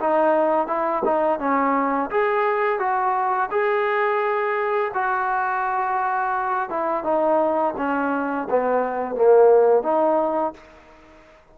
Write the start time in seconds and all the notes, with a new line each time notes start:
0.00 D#4
0.67 E4
1.05 D#4
1.39 C#4
2.10 G#4
2.79 F#4
3.51 G#4
4.94 F#4
6.70 E4
7.04 D#4
7.77 C#4
8.50 B3
9.15 A#3
9.83 D#4